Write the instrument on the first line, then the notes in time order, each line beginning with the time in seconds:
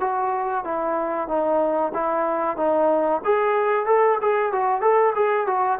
trombone
0.00 F#4
0.64 E4
1.28 D#4
1.94 E4
2.56 D#4
3.24 G#4
3.86 A4
4.21 G#4
4.52 F#4
4.81 A4
5.15 G#4
5.46 F#4